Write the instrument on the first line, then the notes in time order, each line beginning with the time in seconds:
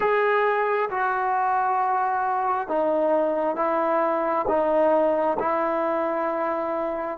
trombone
0.00 G#4
0.90 F#4
2.68 D#4
3.56 E4
4.48 D#4
5.39 E4